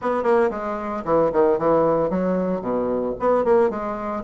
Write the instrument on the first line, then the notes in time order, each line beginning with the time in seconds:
bassoon
0.01 B3
0.23 A#3
0.50 G#3
1.05 E3
1.32 D#3
1.58 E3
2.10 F#3
2.61 B2
3.19 B3
3.44 A#3
3.70 G#3